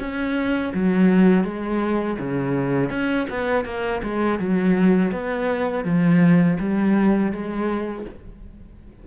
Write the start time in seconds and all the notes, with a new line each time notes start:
0.00 C#4
0.75 F#3
1.44 G#3
2.19 C#3
2.90 C#4
3.30 B3
3.65 A#3
4.03 G#3
4.40 F#3
5.12 B3
5.85 F3
6.60 G3
7.32 G#3